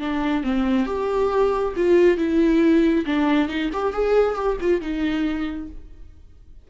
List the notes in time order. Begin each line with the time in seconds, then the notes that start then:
0.00 D4
0.43 C4
0.86 G4
1.76 F4
2.18 E4
3.06 D4
3.49 D#4
3.73 G4
3.93 G#4
4.35 G4
4.61 F4
4.81 D#4